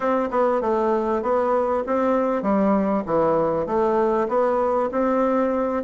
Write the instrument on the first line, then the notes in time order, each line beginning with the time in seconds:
bassoon
0.00 C4
0.30 B3
0.61 A3
1.22 B3
1.86 C4
2.42 G3
3.06 E3
3.66 A3
4.28 B3
4.91 C4